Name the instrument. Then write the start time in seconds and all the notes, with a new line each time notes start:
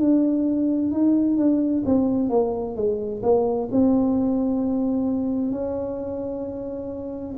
tuba
0.00 D4
0.92 D#4
1.38 D4
1.86 C4
2.30 A#3
2.76 G#3
3.23 A#3
3.72 C4
5.52 C#4